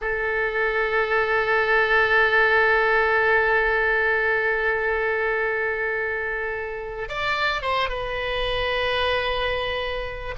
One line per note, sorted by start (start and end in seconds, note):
0.01 7.09 A4
7.09 7.61 D5
7.61 7.89 C5
7.89 10.34 B4